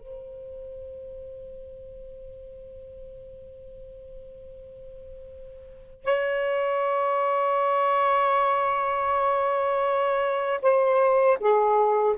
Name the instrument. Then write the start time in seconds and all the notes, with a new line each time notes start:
saxophone
0.00 C5
6.04 C#5
10.62 C5
11.40 G#4